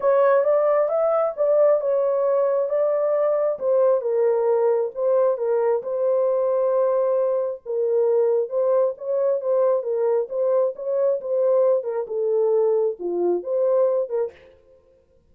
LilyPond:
\new Staff \with { instrumentName = "horn" } { \time 4/4 \tempo 4 = 134 cis''4 d''4 e''4 d''4 | cis''2 d''2 | c''4 ais'2 c''4 | ais'4 c''2.~ |
c''4 ais'2 c''4 | cis''4 c''4 ais'4 c''4 | cis''4 c''4. ais'8 a'4~ | a'4 f'4 c''4. ais'8 | }